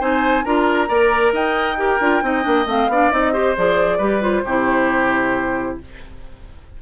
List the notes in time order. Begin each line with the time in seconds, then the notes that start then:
0.00 C4 D#4 C5 G#5
0.44 D4 F4 A#4 A#5
0.88 A#3 A#4 D5
1.32 D#4 D#5 G5
1.78 G4 A#4
2.01 D4 F4
2.22 C4 D#4 D#5
2.43 A#3 D4
2.66 A3 C4 F5
2.88 B3 D4 D5
3.11 C4 D#4 D#5
3.33 G4 C5
3.57 F3 G#4 D5
3.98 G3 G4 B4
4.22 F4 C5
4.45 C3 E4 G4